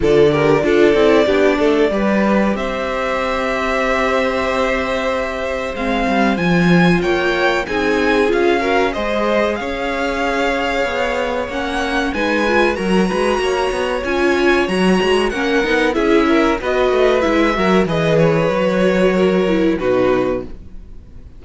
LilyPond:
<<
  \new Staff \with { instrumentName = "violin" } { \time 4/4 \tempo 4 = 94 d''1 | e''1~ | e''4 f''4 gis''4 g''4 | gis''4 f''4 dis''4 f''4~ |
f''2 fis''4 gis''4 | ais''2 gis''4 ais''4 | fis''4 e''4 dis''4 e''4 | dis''8 cis''2~ cis''8 b'4 | }
  \new Staff \with { instrumentName = "violin" } { \time 4/4 a'8 ais'8 a'4 g'8 a'8 b'4 | c''1~ | c''2. cis''4 | gis'4. ais'8 c''4 cis''4~ |
cis''2. b'4 | ais'8 b'8 cis''2. | ais'4 gis'8 ais'8 b'4. ais'8 | b'2 ais'4 fis'4 | }
  \new Staff \with { instrumentName = "viola" } { \time 4/4 f'8 g'8 f'8 e'8 d'4 g'4~ | g'1~ | g'4 c'4 f'2 | dis'4 f'8 fis'8 gis'2~ |
gis'2 cis'4 dis'8 f'8 | fis'2 f'4 fis'4 | cis'8 dis'8 e'4 fis'4 e'8 fis'8 | gis'4 fis'4. e'8 dis'4 | }
  \new Staff \with { instrumentName = "cello" } { \time 4/4 d4 d'8 c'8 b8 a8 g4 | c'1~ | c'4 gis8 g8 f4 ais4 | c'4 cis'4 gis4 cis'4~ |
cis'4 b4 ais4 gis4 | fis8 gis8 ais8 b8 cis'4 fis8 gis8 | ais8 b8 cis'4 b8 a8 gis8 fis8 | e4 fis2 b,4 | }
>>